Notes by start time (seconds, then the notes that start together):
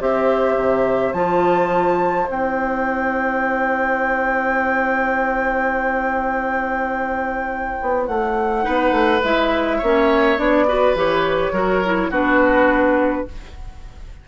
0.00 C4 G4 C5 E5
0.56 C3
1.13 F3 F4 A5
2.29 C4 E4 G5
7.82 B3
8.06 A3 F#5
8.62 B3 D#4 B4
8.91 A3
9.23 G#3 E4 E5
9.78 A#3 C#5
9.84 C#4
10.38 B3 D4 D5
10.68 F#4 B4
10.95 E3 G4 C#5
11.52 F#3 F#4 A#4
11.85 E4
12.10 B3 D4 F#4 B4